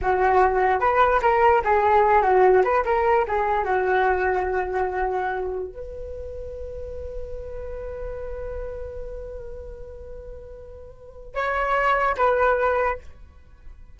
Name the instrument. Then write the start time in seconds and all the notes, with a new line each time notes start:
flute
0.01 F#4
0.80 B4
1.22 A#4
1.64 G#4
2.22 F#4
2.64 B4
2.85 A#4
3.27 G#4
3.64 F#4
5.67 B4
11.34 C#5
12.17 B4